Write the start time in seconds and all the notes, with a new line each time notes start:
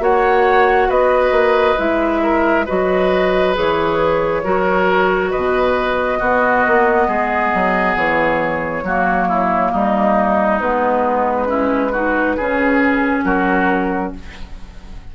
0.00 A#3 F#4 C#5 F#5
0.89 B3 B4 D#5
1.31 A#3
1.78 G#3 E4 E5
2.23 A#4
2.66 F#3 F#4 B4 D#5
3.54 E3 G#4 C#5
4.44 F#3 F#4 A#4
5.31 B2 B4 D#5
6.19 B3 F#4
6.67 A#3
7.08 G#3 G#4
7.54 F#3
7.96 E3 C#5
8.83 F#3 A#3 F#4
9.28 E4
9.72 G3 D#4 D#5
10.60 G#3 B3 B4
11.46 C#4 E4
11.92 D#4 F#4
12.37 C#3 C#4 G#4
13.24 F#3 F#4 A#4